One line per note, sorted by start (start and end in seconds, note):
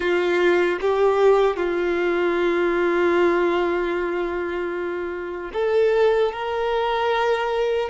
0.00 0.79 F4
0.81 1.56 G4
1.56 5.51 F4
5.53 6.32 A4
6.32 7.89 A#4